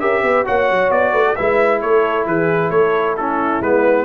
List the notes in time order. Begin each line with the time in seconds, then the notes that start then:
0.00 C#4 G4 A#4 E5
0.23 B3 B4
0.45 A#3 F#4 C#5 F#5
0.71 F#3
0.90 B3 D5
1.12 A3 B4
1.27 A4
1.36 G#3 E4 B4 E5
1.81 A3 A4 C#5
2.27 E3 G#4 B4
2.71 A3 A4 C#5
3.17 C#4 E4 A4
3.61 G#3 B3 B4